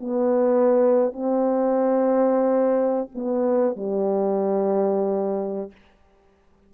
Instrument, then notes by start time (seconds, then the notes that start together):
horn
0.00 B3
1.13 C4
3.15 B3
3.76 G3